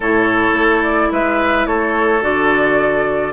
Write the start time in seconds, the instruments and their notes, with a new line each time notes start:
0.00 bassoon A2, clarinet E4, oboe A4, flute C#5
0.53 bassoon A3
0.83 flute D5
1.11 bassoon G#3, oboe B4, flute E5
1.66 bassoon A3, oboe A4, flute C#5
2.21 bassoon D3, clarinet F#4, flute D5